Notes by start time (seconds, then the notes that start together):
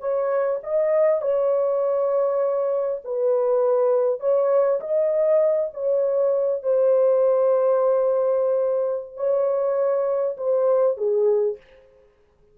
0.00 C#5
0.63 D#5
1.22 C#5
3.05 B4
4.20 C#5
4.81 D#5
5.74 C#5
6.63 C5
9.17 C#5
10.37 C5
10.97 G#4